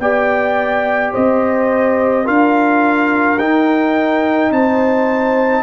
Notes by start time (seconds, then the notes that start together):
0.00 B3 G4 D5 G5
1.13 C4 C5 D#5
2.24 D4 F4 A#4 F5
3.39 D#4 G5
4.51 C4 C5 A5